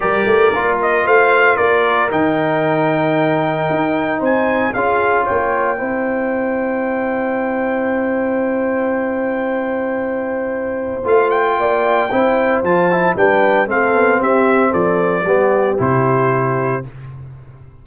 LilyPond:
<<
  \new Staff \with { instrumentName = "trumpet" } { \time 4/4 \tempo 4 = 114 d''4. dis''8 f''4 d''4 | g''1 | gis''4 f''4 g''2~ | g''1~ |
g''1~ | g''4 f''8 g''2~ g''8 | a''4 g''4 f''4 e''4 | d''2 c''2 | }
  \new Staff \with { instrumentName = "horn" } { \time 4/4 ais'2 c''4 ais'4~ | ais'1 | c''4 gis'4 cis''4 c''4~ | c''1~ |
c''1~ | c''2 d''4 c''4~ | c''4 b'4 a'4 g'4 | a'4 g'2. | }
  \new Staff \with { instrumentName = "trombone" } { \time 4/4 g'4 f'2. | dis'1~ | dis'4 f'2 e'4~ | e'1~ |
e'1~ | e'4 f'2 e'4 | f'8 e'8 d'4 c'2~ | c'4 b4 e'2 | }
  \new Staff \with { instrumentName = "tuba" } { \time 4/4 g8 a8 ais4 a4 ais4 | dis2. dis'4 | c'4 cis'4 ais4 c'4~ | c'1~ |
c'1~ | c'4 a4 ais4 c'4 | f4 g4 a8 b8 c'4 | f4 g4 c2 | }
>>